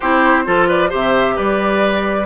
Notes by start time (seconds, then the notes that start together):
0.00 C4 E4 G4 C5
0.45 F3 F4 A4
0.68 B4 D5
0.89 C3 G4 C5 E5
1.36 G3 B4 D5